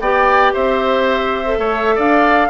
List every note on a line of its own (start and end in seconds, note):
0.00 0.53 B3
0.00 1.46 G4
0.00 0.53 D5
0.00 0.53 G5
0.53 1.58 C4
0.53 1.58 C5
0.53 1.98 E5
1.46 2.49 A4
1.58 1.97 A3
1.58 1.95 C#5
1.95 2.49 D4
1.95 2.48 D5
1.95 2.49 F5